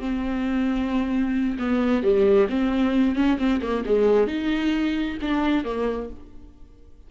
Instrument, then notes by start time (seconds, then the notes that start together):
viola
0.00 C4
1.59 B3
2.03 G3
2.50 C4
3.16 C#4
3.39 C4
3.62 A#3
3.86 G#3
4.28 D#4
5.22 D4
5.65 A#3